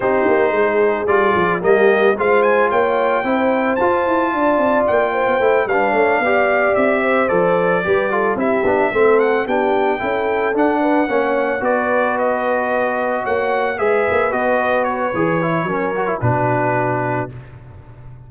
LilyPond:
<<
  \new Staff \with { instrumentName = "trumpet" } { \time 4/4 \tempo 4 = 111 c''2 d''4 dis''4 | f''8 gis''8 g''2 a''4~ | a''4 g''4. f''4.~ | f''8 e''4 d''2 e''8~ |
e''4 fis''8 g''2 fis''8~ | fis''4. d''4 dis''4.~ | dis''8 fis''4 e''4 dis''4 cis''8~ | cis''2 b'2 | }
  \new Staff \with { instrumentName = "horn" } { \time 4/4 g'4 gis'2 g'4 | c''4 cis''4 c''2 | d''4. c''4 b'8 cis''8 d''8~ | d''4 c''4. b'8 a'8 g'8~ |
g'8 a'4 g'4 a'4. | b'8 cis''4 b'2~ b'8~ | b'8 cis''4 b'2~ b'8~ | b'4 ais'4 fis'2 | }
  \new Staff \with { instrumentName = "trombone" } { \time 4/4 dis'2 f'4 ais4 | f'2 e'4 f'4~ | f'2 e'8 d'4 g'8~ | g'4. a'4 g'8 f'8 e'8 |
d'8 c'4 d'4 e'4 d'8~ | d'8 cis'4 fis'2~ fis'8~ | fis'4. gis'4 fis'4. | gis'8 e'8 cis'8 fis'16 e'16 d'2 | }
  \new Staff \with { instrumentName = "tuba" } { \time 4/4 c'8 ais8 gis4 g8 f8 g4 | gis4 ais4 c'4 f'8 e'8 | d'8 c'8 ais8. b16 a8 g8 a8 b8~ | b8 c'4 f4 g4 c'8 |
b8 a4 b4 cis'4 d'8~ | d'8 ais4 b2~ b8~ | b8 ais4 gis8 ais8 b4. | e4 fis4 b,2 | }
>>